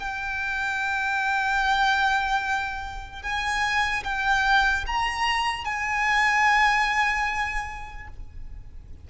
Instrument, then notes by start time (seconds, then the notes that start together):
violin
0.00 G5
3.23 G#5
4.04 G5
4.87 A#5
5.65 G#5